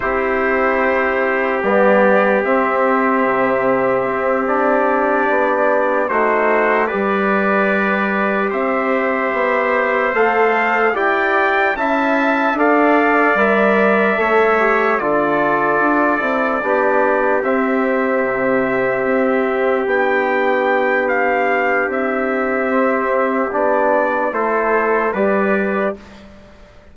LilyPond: <<
  \new Staff \with { instrumentName = "trumpet" } { \time 4/4 \tempo 4 = 74 c''2 d''4 e''4~ | e''4. d''2 c''8~ | c''8 d''2 e''4.~ | e''8 f''4 g''4 a''4 f''8~ |
f''8 e''2 d''4.~ | d''4. e''2~ e''8~ | e''8 g''4. f''4 e''4~ | e''4 d''4 c''4 d''4 | }
  \new Staff \with { instrumentName = "trumpet" } { \time 4/4 g'1~ | g'2.~ g'8 fis'8~ | fis'8 b'2 c''4.~ | c''4. d''4 e''4 d''8~ |
d''4. cis''4 a'4.~ | a'8 g'2.~ g'8~ | g'1~ | g'2 a'4 b'4 | }
  \new Staff \with { instrumentName = "trombone" } { \time 4/4 e'2 b4 c'4~ | c'4. d'2 dis'8~ | dis'8 g'2.~ g'8~ | g'8 a'4 g'4 e'4 a'8~ |
a'8 ais'4 a'8 g'8 f'4. | e'8 d'4 c'2~ c'8~ | c'8 d'2.~ d'8 | c'4 d'4 e'4 g'4 | }
  \new Staff \with { instrumentName = "bassoon" } { \time 4/4 c'2 g4 c'4 | c4 c'4. b4 a8~ | a8 g2 c'4 b8~ | b8 a4 e'4 cis'4 d'8~ |
d'8 g4 a4 d4 d'8 | c'8 b4 c'4 c4 c'8~ | c'8 b2~ b8 c'4~ | c'4 b4 a4 g4 | }
>>